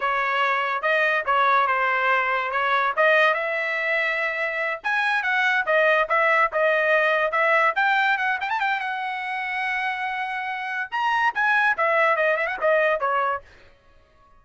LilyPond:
\new Staff \with { instrumentName = "trumpet" } { \time 4/4 \tempo 4 = 143 cis''2 dis''4 cis''4 | c''2 cis''4 dis''4 | e''2.~ e''8 gis''8~ | gis''8 fis''4 dis''4 e''4 dis''8~ |
dis''4. e''4 g''4 fis''8 | g''16 a''16 g''8 fis''2.~ | fis''2 ais''4 gis''4 | e''4 dis''8 e''16 fis''16 dis''4 cis''4 | }